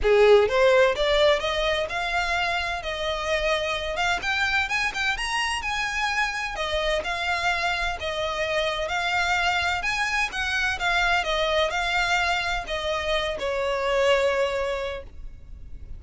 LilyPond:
\new Staff \with { instrumentName = "violin" } { \time 4/4 \tempo 4 = 128 gis'4 c''4 d''4 dis''4 | f''2 dis''2~ | dis''8 f''8 g''4 gis''8 g''8 ais''4 | gis''2 dis''4 f''4~ |
f''4 dis''2 f''4~ | f''4 gis''4 fis''4 f''4 | dis''4 f''2 dis''4~ | dis''8 cis''2.~ cis''8 | }